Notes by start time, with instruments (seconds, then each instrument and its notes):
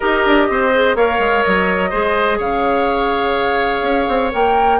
0.00 bassoon D#4, clarinet G4, oboe A#4, flute D#5
0.25 bassoon D4
0.49 bassoon C4, oboe C5
0.73 clarinet G#4
0.95 bassoon A#3, clarinet A#4, oboe C#5, flute F5
1.19 bassoon G#3
1.43 bassoon F#3, flute D#5
1.90 bassoon G#3, clarinet G#4, oboe C5
2.38 bassoon C#3, oboe C#5, flute F5
3.81 bassoon C#4
4.08 bassoon C4
4.31 bassoon A#3, clarinet A#4, flute G5